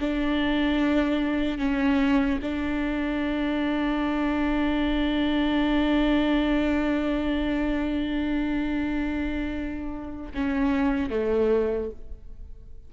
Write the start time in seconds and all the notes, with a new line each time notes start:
0.00 D4
1.58 C#4
2.42 D4
10.34 C#4
11.10 A3